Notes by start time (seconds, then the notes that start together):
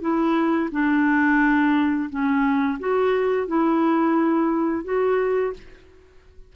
0.00 E4
0.71 D4
2.09 C#4
2.79 F#4
3.47 E4
4.84 F#4